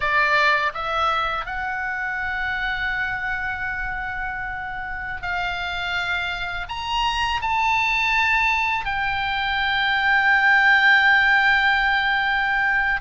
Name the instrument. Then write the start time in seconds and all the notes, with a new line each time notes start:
oboe
0.00 D5
0.74 E5
1.45 F#5
5.22 F5
6.68 A#5
7.41 A5
8.85 G5